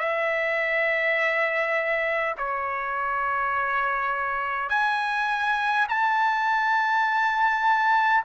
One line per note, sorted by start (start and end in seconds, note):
0.00 2.35 E5
2.39 4.70 C#5
4.70 5.87 G#5
5.89 8.25 A5